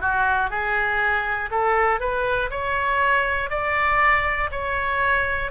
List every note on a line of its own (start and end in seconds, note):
0.00 0.50 F#4
0.50 1.50 G#4
1.50 2.00 A4
2.00 2.50 B4
2.50 3.50 C#5
3.50 4.50 D5
4.51 5.51 C#5